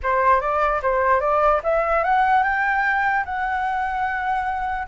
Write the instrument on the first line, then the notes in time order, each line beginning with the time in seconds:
flute
0.02 C5
0.40 D5
0.82 C5
1.20 D5
1.63 E5
2.03 F#5
2.43 G5
3.25 F#5